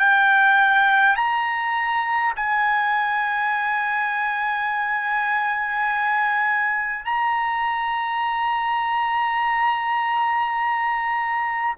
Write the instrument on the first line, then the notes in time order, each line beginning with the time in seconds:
trumpet
0.00 G5
1.17 A#5
2.36 G#5
7.05 A#5